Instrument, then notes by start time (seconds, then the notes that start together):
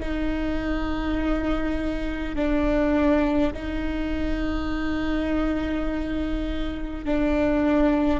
viola
0.00 D#4
2.35 D4
3.53 D#4
7.05 D4